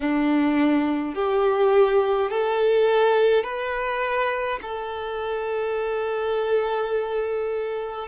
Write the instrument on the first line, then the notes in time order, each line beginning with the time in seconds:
violin
0.00 D4
1.14 G4
2.30 A4
3.43 B4
4.62 A4